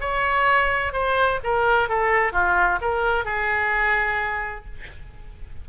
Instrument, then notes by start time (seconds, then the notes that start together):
oboe
0.00 C#5
0.92 C5
1.43 A#4
1.89 A4
2.32 F4
2.81 A#4
3.25 G#4